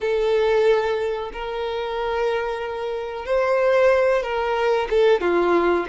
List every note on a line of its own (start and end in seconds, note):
0.01 1.31 A4
1.32 3.25 A#4
3.25 4.22 C5
4.22 4.88 A#4
4.89 5.20 A4
5.20 5.85 F4